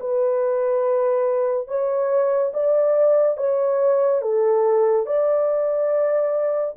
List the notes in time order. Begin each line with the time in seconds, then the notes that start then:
0.00 B4
1.67 C#5
2.54 D5
3.37 C#5
4.21 A4
5.06 D5